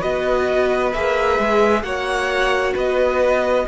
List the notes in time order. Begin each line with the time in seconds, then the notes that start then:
0.00 B3 F#4 B4 D#5
0.93 A#3 G#4 E5
1.39 G#3
1.83 A#3 F#4 C#5 F#5
2.74 B3 B4 D#5